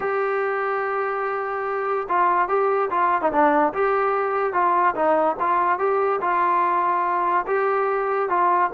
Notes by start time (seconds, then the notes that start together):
0.00 G4
2.08 F4
2.48 G4
2.90 F4
3.21 D#4
3.32 D4
3.73 G4
4.53 F4
4.95 D#4
5.39 F4
5.78 G4
6.21 F4
7.46 G4
8.29 F4